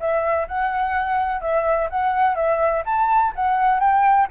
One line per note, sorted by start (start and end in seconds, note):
0.00 0.48 E5
0.48 1.42 F#5
1.42 1.89 E5
1.90 2.36 F#5
2.36 2.83 E5
2.86 3.33 A5
3.36 3.80 F#5
3.80 4.28 G5